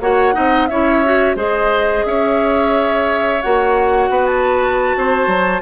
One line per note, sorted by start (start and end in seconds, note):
0.00 0.34 A#3
0.00 0.33 F#4
0.00 0.35 C#5
0.00 0.67 F#5
0.33 0.70 C4
0.33 0.67 D#4
0.33 0.69 D#5
0.67 1.35 C#4
0.67 1.04 E4
0.67 1.36 C#5
0.67 1.35 E5
1.04 1.36 F#4
1.35 2.03 G#3
1.35 3.41 G#4
1.35 2.04 C5
1.35 2.05 D#5
2.05 3.41 C#4
2.05 4.10 C#5
2.05 3.42 E5
3.42 4.09 A#3
3.42 5.62 F#4
3.42 4.26 F#5
4.09 4.94 B3
4.09 4.96 B4
4.26 5.62 A5
4.97 5.27 C4
4.97 5.62 C5
5.27 5.61 F#3